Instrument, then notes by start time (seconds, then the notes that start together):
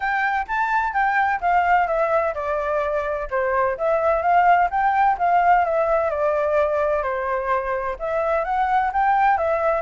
flute
0.00 G5
0.47 A5
0.93 G5
1.41 F5
1.87 E5
2.34 D5
3.30 C5
3.77 E5
4.21 F5
4.70 G5
5.18 F5
5.64 E5
6.10 D5
7.02 C5
7.99 E5
8.44 F#5
8.93 G5
9.37 E5